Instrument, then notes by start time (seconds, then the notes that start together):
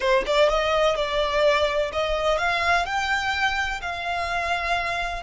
violin
0.00 C5
0.26 D5
0.49 D#5
0.95 D5
1.92 D#5
2.37 F5
2.85 G5
3.81 F5